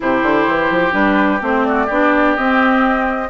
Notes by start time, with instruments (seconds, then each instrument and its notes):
0.00 bassoon C3, clarinet E4, oboe G4, flute C5
0.22 bassoon D3
0.47 bassoon E3
0.70 bassoon F3
0.92 bassoon G3, clarinet D4, flute B4
1.40 bassoon A3, clarinet C4, flute C5
1.65 oboe F#4, flute D5
1.86 bassoon B3, clarinet D4, oboe G4
2.35 bassoon C4, clarinet C4, flute D#5